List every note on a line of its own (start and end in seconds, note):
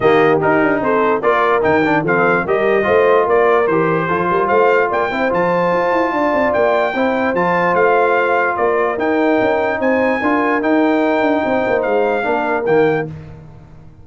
0.00 0.40 D#3
0.00 0.40 A#3
0.00 0.82 G4
0.00 0.40 D#5
0.40 1.22 D#4
0.40 0.62 D#4
0.40 0.82 A#4
0.62 0.81 D4
0.81 1.22 C4
0.81 1.23 A4
0.81 1.21 C5
1.21 1.63 A#3
1.21 1.61 F4
1.21 2.03 A#4
1.21 1.62 D5
1.61 2.03 D#3
1.61 1.81 D#4
1.61 2.04 G5
1.84 2.05 D4
2.03 2.43 F3
2.03 2.46 C4
2.03 2.43 A4
2.03 2.47 F5
2.44 2.87 G3
2.44 2.83 G4
2.44 2.84 A#4
2.44 3.28 D#5
2.83 3.27 A3
2.83 3.65 F4
2.83 3.24 C5
3.24 3.67 A#3
3.24 4.05 A#4
3.24 3.67 D5
3.67 4.08 E3
3.67 4.08 G4
3.67 4.47 C5
4.07 4.30 F3
4.07 5.10 F4
4.07 4.27 A4
4.30 4.49 G3
4.30 4.47 A#4
4.47 4.90 A3
4.47 4.87 C5
4.47 4.88 F5
4.89 5.11 A#3
4.89 5.09 D5
4.89 5.32 G5
5.11 5.31 C4
5.11 5.29 E4
5.11 6.13 C5
5.29 5.72 F3
5.29 6.92 F4
5.29 6.53 A5
5.72 5.92 F4
5.92 6.11 E4
6.11 6.32 D4
6.11 6.93 D5
6.33 6.54 C4
6.53 6.94 A#3
6.53 7.34 G5
6.93 7.33 C4
6.93 7.35 E4
6.93 8.57 C5
7.33 7.74 F3
7.33 8.98 F4
7.33 7.74 A5
7.74 8.55 A3
7.74 8.56 F5
8.56 8.97 A#3
8.56 9.79 A#4
8.56 8.97 D5
8.97 9.38 D#4
8.97 10.20 D#4
8.97 9.80 G5
9.40 9.79 C#4
9.79 10.20 C4
9.79 10.19 C5
9.79 10.62 G#5
10.19 10.61 D4
10.19 10.61 F4
10.19 11.42 A#4
10.61 11.20 D#4
10.61 12.22 D#4
10.61 11.82 G5
11.20 11.41 D4
11.45 11.65 C4
11.45 12.25 C5
11.67 11.85 A#3
11.82 12.25 G#3
11.82 12.63 F5
12.22 12.66 A#3
12.22 12.63 D4
12.22 13.07 A#4
12.65 13.07 D#3
12.65 13.07 A#3
12.65 13.06 G5